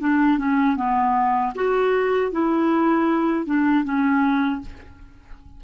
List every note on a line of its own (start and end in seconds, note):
0.00 0.38 D4
0.38 0.77 C#4
0.77 1.53 B3
1.55 2.32 F#4
2.32 3.46 E4
3.46 3.84 D4
3.84 4.61 C#4